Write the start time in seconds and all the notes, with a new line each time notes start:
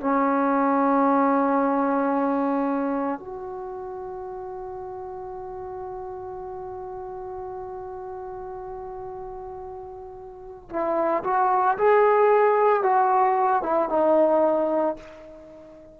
0.00 C#4
3.19 F#4
10.69 E4
11.23 F#4
11.77 G#4
12.82 F#4
13.62 E4
13.88 D#4